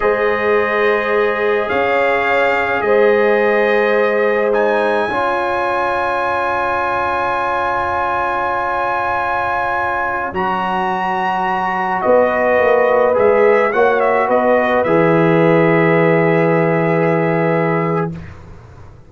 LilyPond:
<<
  \new Staff \with { instrumentName = "trumpet" } { \time 4/4 \tempo 4 = 106 dis''2. f''4~ | f''4 dis''2. | gis''1~ | gis''1~ |
gis''2~ gis''16 ais''4.~ ais''16~ | ais''4~ ais''16 dis''2 e''8.~ | e''16 fis''8 e''8 dis''4 e''4.~ e''16~ | e''1 | }
  \new Staff \with { instrumentName = "horn" } { \time 4/4 c''2. cis''4~ | cis''4 c''2.~ | c''4 cis''2.~ | cis''1~ |
cis''1~ | cis''4~ cis''16 b'2~ b'8.~ | b'16 cis''4 b'2~ b'8.~ | b'1 | }
  \new Staff \with { instrumentName = "trombone" } { \time 4/4 gis'1~ | gis'1 | dis'4 f'2.~ | f'1~ |
f'2~ f'16 fis'4.~ fis'16~ | fis'2.~ fis'16 gis'8.~ | gis'16 fis'2 gis'4.~ gis'16~ | gis'1 | }
  \new Staff \with { instrumentName = "tuba" } { \time 4/4 gis2. cis'4~ | cis'4 gis2.~ | gis4 cis'2.~ | cis'1~ |
cis'2~ cis'16 fis4.~ fis16~ | fis4~ fis16 b4 ais4 gis8.~ | gis16 ais4 b4 e4.~ e16~ | e1 | }
>>